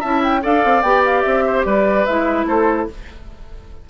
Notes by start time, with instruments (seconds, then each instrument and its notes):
0.00 bassoon C#4, clarinet E4, oboe E5, flute A5
0.23 flute G5
0.42 bassoon D4, clarinet A4, oboe D5, flute F5
0.64 bassoon C4
0.82 bassoon B3, clarinet G4, flute G5
1.05 flute F5
1.22 bassoon C4, flute E5
1.46 oboe C5
1.65 bassoon G3, oboe B4, flute D5
2.06 bassoon G#3, clarinet E4, flute E5
2.45 bassoon A3, oboe A4, flute C5